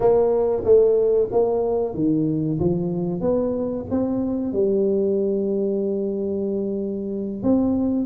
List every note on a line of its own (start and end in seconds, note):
0.00 0.63 A#3
0.64 1.28 A3
1.31 1.94 A#3
1.94 2.59 D#3
2.59 3.21 F3
3.21 3.85 B3
3.90 4.52 C4
4.52 7.42 G3
7.42 8.06 C4